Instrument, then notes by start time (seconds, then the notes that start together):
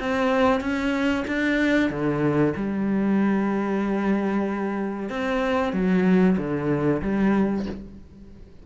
cello
0.00 C4
0.61 C#4
1.28 D4
1.90 D3
2.57 G3
5.09 C4
5.73 F#3
6.38 D3
7.02 G3